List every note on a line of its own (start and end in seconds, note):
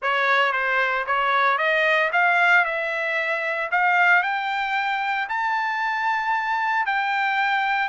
0.02 0.52 C#5
0.52 1.05 C5
1.06 1.58 C#5
1.58 2.10 D#5
2.12 2.64 F5
2.64 3.70 E5
3.71 4.22 F5
4.22 5.28 G5
5.28 6.86 A5
6.86 7.88 G5